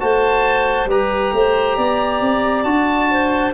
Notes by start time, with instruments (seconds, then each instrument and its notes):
0.00 tuba A3, trombone F#4, clarinet C5, oboe A5
0.86 tuba G3, trombone G4, clarinet B4, oboe A#5
1.33 tuba A3, clarinet C5
1.76 tuba B3, clarinet D5
2.21 tuba C4
2.64 tuba D4, trombone F#4, oboe A5
3.10 clarinet C5